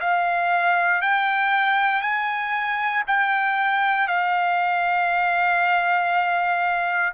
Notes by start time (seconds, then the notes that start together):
0.00 F5
1.01 G5
2.01 G#5
3.07 G5
4.07 F5